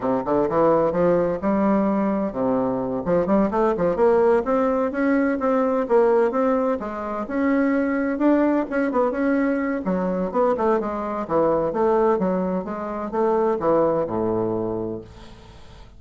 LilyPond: \new Staff \with { instrumentName = "bassoon" } { \time 4/4 \tempo 4 = 128 c8 d8 e4 f4 g4~ | g4 c4. f8 g8 a8 | f8 ais4 c'4 cis'4 c'8~ | c'8 ais4 c'4 gis4 cis'8~ |
cis'4. d'4 cis'8 b8 cis'8~ | cis'4 fis4 b8 a8 gis4 | e4 a4 fis4 gis4 | a4 e4 a,2 | }